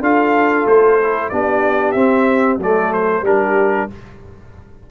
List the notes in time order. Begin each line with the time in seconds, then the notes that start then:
0.00 D4 F4 A4 F5
0.66 A3 C5
1.02 E4
1.29 B3 D4 G4 D5
1.91 C4 E5
2.58 F#3 A3 A4 D5
2.93 C5
3.21 G3 D4 G4 A#4